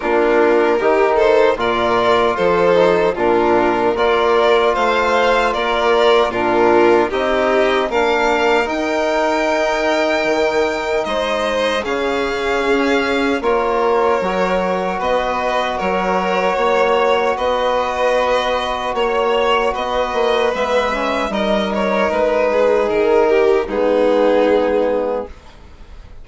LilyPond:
<<
  \new Staff \with { instrumentName = "violin" } { \time 4/4 \tempo 4 = 76 ais'4. c''8 d''4 c''4 | ais'4 d''4 f''4 d''4 | ais'4 dis''4 f''4 g''4~ | g''2 dis''4 f''4~ |
f''4 cis''2 dis''4 | cis''2 dis''2 | cis''4 dis''4 e''4 dis''8 cis''8 | b'4 ais'4 gis'2 | }
  \new Staff \with { instrumentName = "violin" } { \time 4/4 f'4 g'8 a'8 ais'4 a'4 | f'4 ais'4 c''4 ais'4 | f'4 g'4 ais'2~ | ais'2 c''4 gis'4~ |
gis'4 ais'2 b'4 | ais'4 cis''4 b'2 | cis''4 b'2 ais'4~ | ais'8 gis'4 g'8 dis'2 | }
  \new Staff \with { instrumentName = "trombone" } { \time 4/4 d'4 dis'4 f'4. dis'8 | d'4 f'2. | d'4 dis'4 d'4 dis'4~ | dis'2. cis'4~ |
cis'4 f'4 fis'2~ | fis'1~ | fis'2 b8 cis'8 dis'4~ | dis'2 b2 | }
  \new Staff \with { instrumentName = "bassoon" } { \time 4/4 ais4 dis4 ais,4 f4 | ais,4 ais4 a4 ais4 | ais,4 c'4 ais4 dis'4~ | dis'4 dis4 gis4 cis4 |
cis'4 ais4 fis4 b4 | fis4 ais4 b2 | ais4 b8 ais8 gis4 g4 | gis4 dis4 gis2 | }
>>